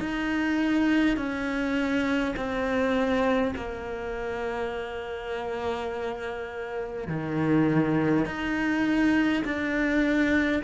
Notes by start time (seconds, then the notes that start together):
0.00 D#4
1.17 C#4
2.37 C4
3.56 A#3
7.08 D#3
8.26 D#4
9.45 D4